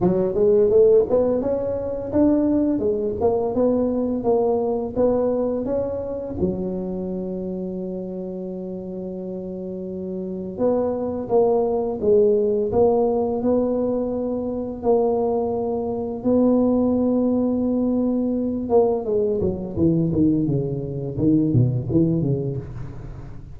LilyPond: \new Staff \with { instrumentName = "tuba" } { \time 4/4 \tempo 4 = 85 fis8 gis8 a8 b8 cis'4 d'4 | gis8 ais8 b4 ais4 b4 | cis'4 fis2.~ | fis2. b4 |
ais4 gis4 ais4 b4~ | b4 ais2 b4~ | b2~ b8 ais8 gis8 fis8 | e8 dis8 cis4 dis8 b,8 e8 cis8 | }